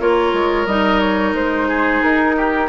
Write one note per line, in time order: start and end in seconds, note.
0.00 0.33 A#3
0.00 0.68 F4
0.00 1.69 A#4
0.00 0.67 C#5
0.33 0.66 G#3
0.66 1.34 G3
0.66 2.69 D#4
0.66 1.00 D#5
1.00 1.34 C#5
1.34 2.01 G#3
1.34 2.03 C5
1.69 2.36 G#4
2.03 2.69 D#4
2.03 2.69 A#4
2.37 2.69 G4